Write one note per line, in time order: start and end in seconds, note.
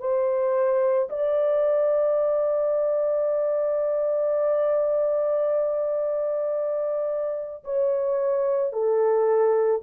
0.00 1.09 C5
1.09 7.64 D5
7.64 8.73 C#5
8.73 9.82 A4